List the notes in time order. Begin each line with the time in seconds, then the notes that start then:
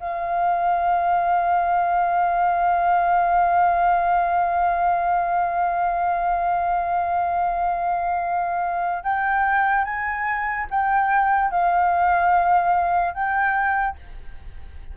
0.00 F5
9.04 G5
9.85 G#5
10.71 G5
11.51 F5
13.14 G5